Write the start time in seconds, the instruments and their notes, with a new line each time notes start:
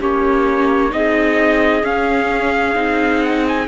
0.00 cello A#3, viola C#4, clarinet G4, trumpet C#5
0.90 cello C4, viola D#4, clarinet G#4, trumpet D#5
1.84 cello C#4, viola C#4, trumpet F5
2.75 cello C4, viola D#4
3.23 trumpet F#5
3.48 trumpet G#5